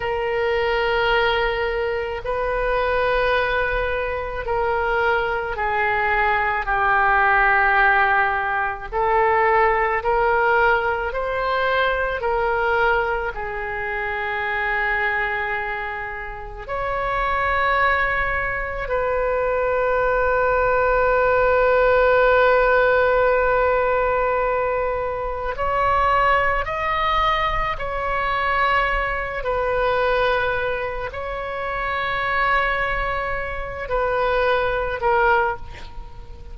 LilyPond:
\new Staff \with { instrumentName = "oboe" } { \time 4/4 \tempo 4 = 54 ais'2 b'2 | ais'4 gis'4 g'2 | a'4 ais'4 c''4 ais'4 | gis'2. cis''4~ |
cis''4 b'2.~ | b'2. cis''4 | dis''4 cis''4. b'4. | cis''2~ cis''8 b'4 ais'8 | }